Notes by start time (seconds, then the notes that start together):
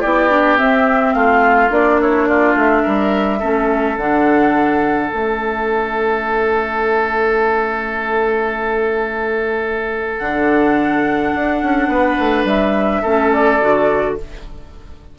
0.00 B3 E4 G4 D5
0.29 D4
0.57 C4 E5
1.13 A3 F4 F5
1.69 A#3 D4 D5
2.01 E4 C#5
2.27 F4 D5
2.55 A3 E5
2.82 G3 A#4
3.39 A3 C#4 A4
3.97 D3 D4 F#5
5.10 A3 C#4 E5
10.18 D3 D4 F#5
11.34 D4
11.62 C#4
11.88 B3 B4
12.19 A3
12.44 G3 E5
13.02 A3 C#4 A4
13.32 D5
13.61 D3 F#4